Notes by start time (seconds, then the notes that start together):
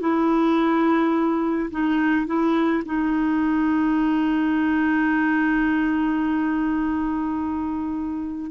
0.00 E4
1.71 D#4
2.27 E4
2.85 D#4